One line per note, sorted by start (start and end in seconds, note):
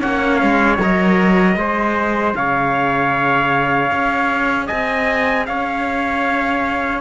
0.00 0.43 A#3
0.00 0.78 C#4
0.00 1.56 C#5
0.00 0.37 F#5
0.37 0.78 G#3
0.37 0.76 F5
0.78 1.56 F#3
0.78 1.59 A#4
0.78 2.35 D#5
1.56 2.34 G#3
1.56 7.01 G#4
1.56 2.37 C5
2.35 3.91 C#3
2.35 4.67 C#5
2.35 4.68 F5
3.91 4.69 C#4
4.67 5.48 C4
4.67 5.44 D#5
4.67 5.46 G#5
5.46 7.01 C#4
5.46 7.01 C#5
5.46 7.01 F5